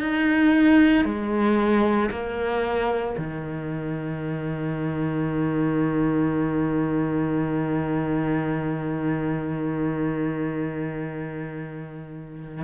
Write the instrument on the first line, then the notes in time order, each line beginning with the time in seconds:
cello
0.00 D#4
1.05 G#3
2.11 A#3
3.18 D#3